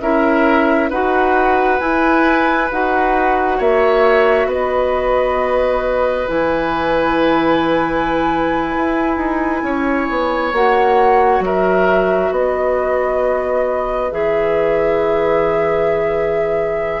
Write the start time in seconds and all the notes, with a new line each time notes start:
0.00 C#4 E4 A#4 E5
0.89 D#4 F#4 B4 F#5
1.79 E4 G#5
2.71 D#4 F#4 F#5
3.57 A#3 C#5 E5
4.46 B3 B4 D#5
6.27 E3 E4 G#5
8.76 E4
9.16 D#4
9.62 C#4 C#5
10.09 B3
10.52 A#3 F#4 F#5
11.39 F#3 A#4 E5
12.30 B3 B4 D#5
14.11 E3 G#4 E5